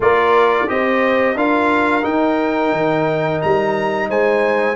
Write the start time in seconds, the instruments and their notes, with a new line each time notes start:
0.00 tuba A#3, trombone F4, horn A#4, trumpet D5
0.67 tuba C4, trombone G4, horn C5, trumpet D#5
1.35 tuba D4, trombone F4, horn A#4, trumpet F5
2.02 trombone D#4, tuba D#4, trumpet G5
2.72 tuba D#3
3.41 tuba G3, trumpet A#5
4.09 tuba G#3, horn C5, trumpet G#5